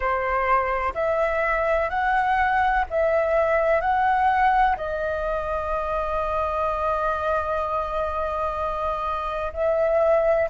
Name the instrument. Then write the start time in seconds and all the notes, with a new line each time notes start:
flute
0.00 C5
0.94 E5
1.89 F#5
2.90 E5
3.81 F#5
4.76 D#5
9.53 E5